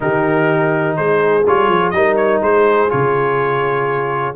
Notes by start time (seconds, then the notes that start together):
0.00 D#3 D#4 G4 A#4
0.96 G#3 G#4 C5
1.46 G3 F4 C#5
1.69 F3
1.90 G3 D#4 A#4 D#5
2.16 C#5
2.41 G#3 G#4 C5
2.89 C#3 F4 C#5